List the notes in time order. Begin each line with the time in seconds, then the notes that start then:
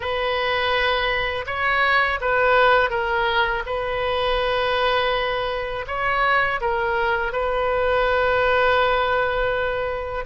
0.00 B4
1.46 C#5
2.21 B4
2.90 A#4
3.66 B4
5.87 C#5
6.61 A#4
7.32 B4